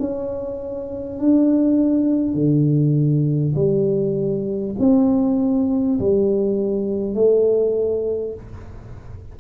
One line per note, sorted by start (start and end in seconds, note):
0.00 1.19 C#4
1.19 2.35 D4
2.35 3.55 D3
3.56 4.76 G3
4.79 5.99 C4
6.00 7.15 G3
7.15 8.35 A3